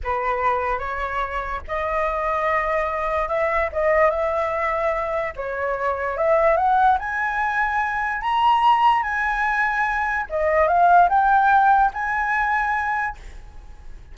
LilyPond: \new Staff \with { instrumentName = "flute" } { \time 4/4 \tempo 4 = 146 b'2 cis''2 | dis''1 | e''4 dis''4 e''2~ | e''4 cis''2 e''4 |
fis''4 gis''2. | ais''2 gis''2~ | gis''4 dis''4 f''4 g''4~ | g''4 gis''2. | }